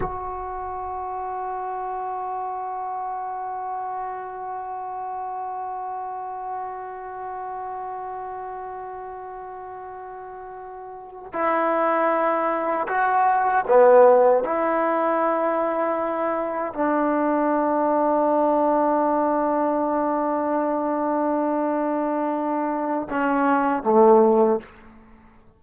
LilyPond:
\new Staff \with { instrumentName = "trombone" } { \time 4/4 \tempo 4 = 78 fis'1~ | fis'1~ | fis'1~ | fis'2~ fis'8. e'4~ e'16~ |
e'8. fis'4 b4 e'4~ e'16~ | e'4.~ e'16 d'2~ d'16~ | d'1~ | d'2 cis'4 a4 | }